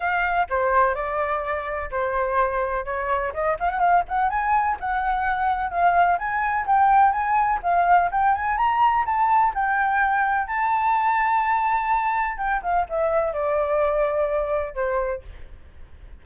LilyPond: \new Staff \with { instrumentName = "flute" } { \time 4/4 \tempo 4 = 126 f''4 c''4 d''2 | c''2 cis''4 dis''8 f''16 fis''16 | f''8 fis''8 gis''4 fis''2 | f''4 gis''4 g''4 gis''4 |
f''4 g''8 gis''8 ais''4 a''4 | g''2 a''2~ | a''2 g''8 f''8 e''4 | d''2. c''4 | }